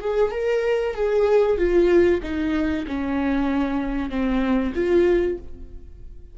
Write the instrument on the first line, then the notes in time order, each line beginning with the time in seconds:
viola
0.00 G#4
0.31 A#4
0.94 G#4
1.57 F4
2.22 D#4
2.87 C#4
4.09 C4
4.75 F4